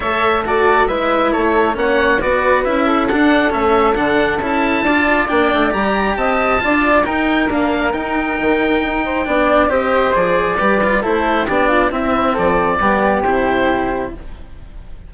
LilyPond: <<
  \new Staff \with { instrumentName = "oboe" } { \time 4/4 \tempo 4 = 136 e''4 d''4 e''4 cis''4 | fis''4 d''4 e''4 fis''4 | e''4 fis''4 a''2 | g''4 ais''4 a''2 |
g''4 f''4 g''2~ | g''2 dis''4 d''4~ | d''4 c''4 d''4 e''4 | d''2 c''2 | }
  \new Staff \with { instrumentName = "flute" } { \time 4/4 cis''4 a'4 b'4 a'4 | cis''4 b'4. a'4.~ | a'2. d''4~ | d''2 dis''4 d''4 |
ais'1~ | ais'8 c''8 d''4 c''2 | b'4 a'4 g'8 f'8 e'4 | a'4 g'2. | }
  \new Staff \with { instrumentName = "cello" } { \time 4/4 a'4 fis'4 e'2 | cis'4 fis'4 e'4 d'4 | cis'4 d'4 e'4 f'4 | d'4 g'2 f'4 |
dis'4 ais4 dis'2~ | dis'4 d'4 g'4 gis'4 | g'8 f'8 e'4 d'4 c'4~ | c'4 b4 e'2 | }
  \new Staff \with { instrumentName = "bassoon" } { \time 4/4 a2 gis4 a4 | ais4 b4 cis'4 d'4 | a4 d4 cis'4 d'4 | ais8 a8 g4 c'4 d'4 |
dis'4 d'4 dis'4 dis4 | dis'4 b4 c'4 f4 | g4 a4 b4 c'4 | f4 g4 c2 | }
>>